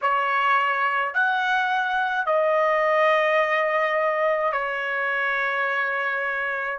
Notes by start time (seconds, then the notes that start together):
0.01 C#5
1.14 F#5
2.26 D#5
4.52 C#5